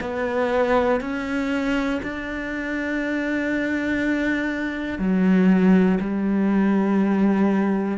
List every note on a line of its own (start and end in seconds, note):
0.00 1.00 B3
1.00 2.00 C#4
2.02 4.99 D4
4.99 5.99 F#3
6.00 7.97 G3